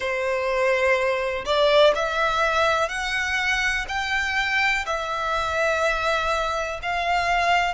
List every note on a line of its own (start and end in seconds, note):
0.00 1.44 C5
1.45 1.93 D5
1.95 2.89 E5
2.89 3.85 F#5
3.88 4.85 G5
4.86 6.79 E5
6.82 7.74 F5